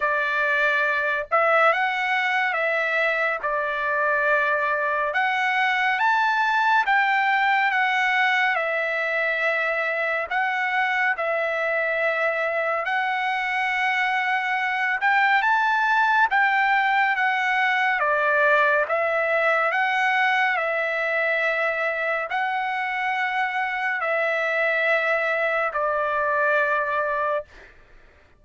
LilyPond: \new Staff \with { instrumentName = "trumpet" } { \time 4/4 \tempo 4 = 70 d''4. e''8 fis''4 e''4 | d''2 fis''4 a''4 | g''4 fis''4 e''2 | fis''4 e''2 fis''4~ |
fis''4. g''8 a''4 g''4 | fis''4 d''4 e''4 fis''4 | e''2 fis''2 | e''2 d''2 | }